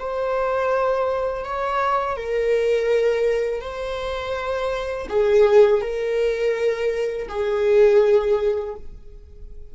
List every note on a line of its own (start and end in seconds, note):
0.00 1.45 C5
1.45 2.17 C#5
2.17 3.62 A#4
3.62 5.08 C5
5.10 5.82 G#4
5.82 7.28 A#4
7.29 8.75 G#4